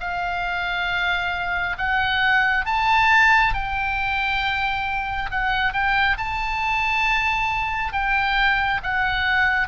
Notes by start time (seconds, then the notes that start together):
0.00 F5
1.78 F#5
2.66 A5
3.54 G5
5.31 F#5
5.73 G5
6.17 A5
7.93 G5
8.83 F#5